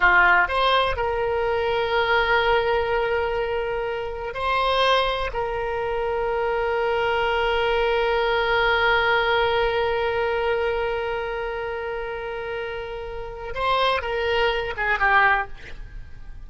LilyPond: \new Staff \with { instrumentName = "oboe" } { \time 4/4 \tempo 4 = 124 f'4 c''4 ais'2~ | ais'1~ | ais'4 c''2 ais'4~ | ais'1~ |
ais'1~ | ais'1~ | ais'1 | c''4 ais'4. gis'8 g'4 | }